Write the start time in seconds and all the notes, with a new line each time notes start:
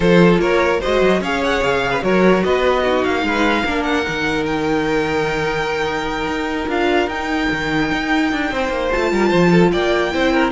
0.00 F3 F4 A4 C5
0.38 A#3 A#4 C#5
0.79 F#4 C5 D#5
0.86 G#3
1.01 F#3
1.20 C#4 G#4 C#5 F5
1.43 F#5
1.62 C#3 F5
1.91 B4
2.01 F#3 F#4 A#4 C#5
2.43 B3 B4 D#5
2.82 D#4 F#4
3.04 A#3 F5
3.22 G#3 B4
3.64 A#3 D4 A#4
3.82 F#5
4.04 D#3 D#4
4.46 G5
6.27 D#4
6.68 D4 F4 F5
7.07 D#4 G5
7.51 D#3
7.91 D#4
8.32 D4
8.51 C4 C5
8.69 A#3
8.91 A3 F4 A5
9.11 G3 A#4
9.28 F3 C5
9.51 A4
9.71 A#3 D5 G5
10.11 C4 E4 C5
10.32 A#4